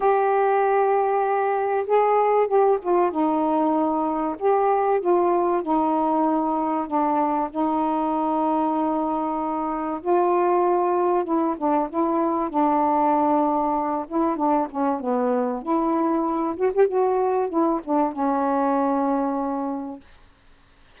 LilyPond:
\new Staff \with { instrumentName = "saxophone" } { \time 4/4 \tempo 4 = 96 g'2. gis'4 | g'8 f'8 dis'2 g'4 | f'4 dis'2 d'4 | dis'1 |
f'2 e'8 d'8 e'4 | d'2~ d'8 e'8 d'8 cis'8 | b4 e'4. fis'16 g'16 fis'4 | e'8 d'8 cis'2. | }